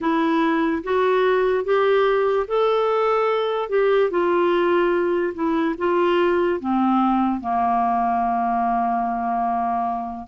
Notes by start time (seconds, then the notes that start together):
0.00 E4
0.83 F#4
1.64 G4
2.47 A4
3.69 G4
4.10 F4
5.34 E4
5.78 F4
6.59 C4
7.40 A#3